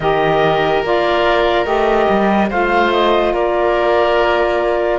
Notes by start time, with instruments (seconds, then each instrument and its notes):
0.00 cello D#3, saxophone G4, oboe A#4, clarinet D#5
0.82 cello A#3, saxophone F4, clarinet D5
1.64 cello A3, saxophone G4, clarinet D#5
2.09 cello G3
2.49 cello A3, saxophone F4, oboe C5, clarinet F5
2.92 clarinet D#5
3.33 cello A#3, oboe A#4, clarinet D5